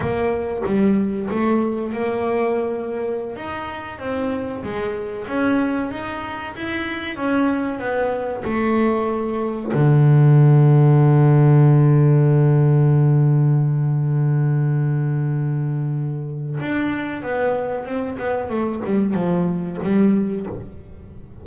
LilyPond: \new Staff \with { instrumentName = "double bass" } { \time 4/4 \tempo 4 = 94 ais4 g4 a4 ais4~ | ais4~ ais16 dis'4 c'4 gis8.~ | gis16 cis'4 dis'4 e'4 cis'8.~ | cis'16 b4 a2 d8.~ |
d1~ | d1~ | d2 d'4 b4 | c'8 b8 a8 g8 f4 g4 | }